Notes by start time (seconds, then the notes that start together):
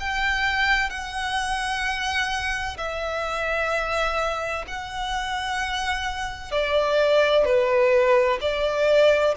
0.00 G5
0.90 F#5
2.77 E5
4.68 F#5
6.52 D5
7.45 B4
8.41 D5